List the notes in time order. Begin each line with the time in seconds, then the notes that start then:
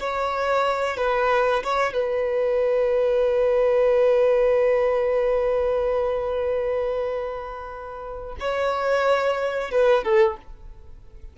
0.00 C#5
0.97 B4
1.64 C#5
1.93 B4
8.39 C#5
9.71 B4
10.04 A4